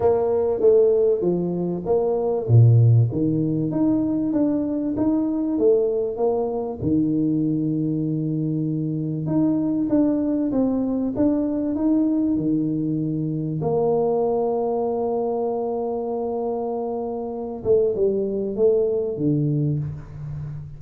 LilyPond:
\new Staff \with { instrumentName = "tuba" } { \time 4/4 \tempo 4 = 97 ais4 a4 f4 ais4 | ais,4 dis4 dis'4 d'4 | dis'4 a4 ais4 dis4~ | dis2. dis'4 |
d'4 c'4 d'4 dis'4 | dis2 ais2~ | ais1~ | ais8 a8 g4 a4 d4 | }